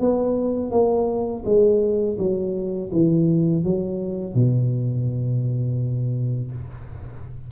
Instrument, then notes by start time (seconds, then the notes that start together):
tuba
0.00 B3
0.71 A#3
1.45 G#3
2.19 F#3
2.92 E3
3.64 F#3
4.35 B2